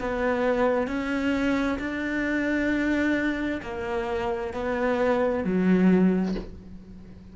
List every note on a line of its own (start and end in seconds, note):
0.00 0.88 B3
0.88 1.79 C#4
1.79 3.61 D4
3.62 4.53 A#3
4.53 5.44 B3
5.44 6.35 F#3